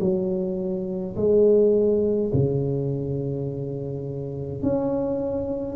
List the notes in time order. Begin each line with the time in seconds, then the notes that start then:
0.00 F#3
1.16 G#3
2.33 C#3
4.63 C#4